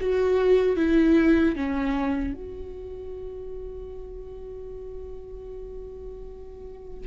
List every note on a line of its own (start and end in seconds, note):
0.00 0.76 F#4
0.76 1.55 E4
1.55 2.34 C#4
2.34 7.07 F#4